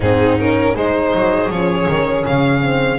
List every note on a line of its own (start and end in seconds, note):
0.00 0.74 G#2
0.00 0.38 C4
0.00 0.75 D#4
0.00 0.38 G#4
0.38 0.75 C#4
0.38 0.75 A#4
0.75 1.13 G#3
0.75 1.50 D#4
0.75 2.98 G#4
0.75 1.50 C5
1.14 1.49 F#3
1.49 1.87 F3
1.49 2.61 C#4
1.49 2.25 C#5
1.88 2.25 D#3
2.25 2.98 C#3
2.25 2.98 F5
2.61 2.98 C4